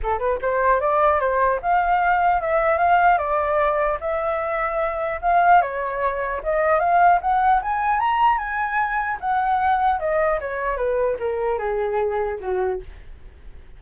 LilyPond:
\new Staff \with { instrumentName = "flute" } { \time 4/4 \tempo 4 = 150 a'8 b'8 c''4 d''4 c''4 | f''2 e''4 f''4 | d''2 e''2~ | e''4 f''4 cis''2 |
dis''4 f''4 fis''4 gis''4 | ais''4 gis''2 fis''4~ | fis''4 dis''4 cis''4 b'4 | ais'4 gis'2 fis'4 | }